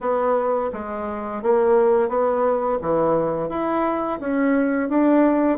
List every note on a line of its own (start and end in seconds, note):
0.00 0.70 B3
0.72 1.42 G#3
1.42 2.08 A#3
2.08 2.78 B3
2.81 3.49 E3
3.49 4.19 E4
4.20 4.89 C#4
4.89 5.58 D4